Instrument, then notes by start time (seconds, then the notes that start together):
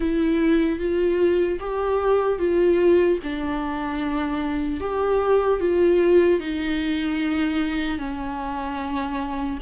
viola
0.00 E4
0.79 F4
1.60 G4
2.39 F4
3.23 D4
4.80 G4
5.60 F4
6.40 D#4
7.98 C#4